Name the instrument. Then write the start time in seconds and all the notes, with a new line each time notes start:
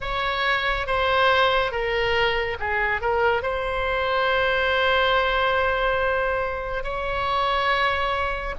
oboe
0.00 C#5
0.86 C5
1.71 A#4
2.59 G#4
3.01 A#4
3.42 C5
6.83 C#5